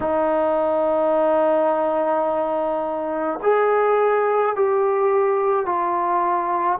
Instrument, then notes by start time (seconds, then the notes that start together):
trombone
0.00 D#4
3.42 G#4
4.55 G4
5.66 F4